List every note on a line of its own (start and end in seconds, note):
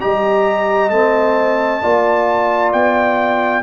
0.00 0.90 G3
0.00 0.91 G4
0.00 1.83 D#5
0.00 0.90 A#5
0.90 1.80 A3
0.90 1.82 C4
0.90 2.72 A5
1.82 2.73 A#3
1.82 3.62 F4
1.82 3.62 D5
2.73 3.62 B3
2.73 3.62 G5